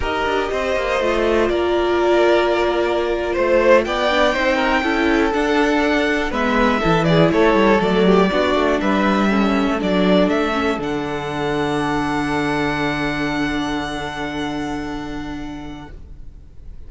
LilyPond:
<<
  \new Staff \with { instrumentName = "violin" } { \time 4/4 \tempo 4 = 121 dis''2. d''4~ | d''2~ d''8. c''4 g''16~ | g''2~ g''8. fis''4~ fis''16~ | fis''8. e''4. d''8 cis''4 d''16~ |
d''4.~ d''16 e''2 d''16~ | d''8. e''4 fis''2~ fis''16~ | fis''1~ | fis''1 | }
  \new Staff \with { instrumentName = "violin" } { \time 4/4 ais'4 c''2 ais'4~ | ais'2~ ais'8. c''4 d''16~ | d''8. c''8 ais'8 a'2~ a'16~ | a'8. b'4 a'8 gis'8 a'4~ a'16~ |
a'16 g'8 fis'4 b'4 a'4~ a'16~ | a'1~ | a'1~ | a'1 | }
  \new Staff \with { instrumentName = "viola" } { \time 4/4 g'2 f'2~ | f'1~ | f'16 d'8 dis'4 e'4 d'4~ d'16~ | d'8. b4 e'2 a16~ |
a8. d'2 cis'4 d'16~ | d'4~ d'16 cis'8 d'2~ d'16~ | d'1~ | d'1 | }
  \new Staff \with { instrumentName = "cello" } { \time 4/4 dis'8 d'8 c'8 ais8 a4 ais4~ | ais2~ ais8. a4 b16~ | b8. c'4 cis'4 d'4~ d'16~ | d'8. gis4 e4 a8 g8 fis16~ |
fis8. b8 a8 g4.~ g16 a16 fis16~ | fis8. a4 d2~ d16~ | d1~ | d1 | }
>>